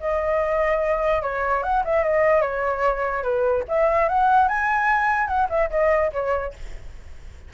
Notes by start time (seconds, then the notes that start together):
0.00 D#5
1.22 C#5
1.63 F#5
1.84 E5
2.03 D#5
2.41 C#5
3.23 B4
3.68 E5
4.09 F#5
4.48 G#5
5.27 F#5
5.49 E5
5.70 D#5
6.12 C#5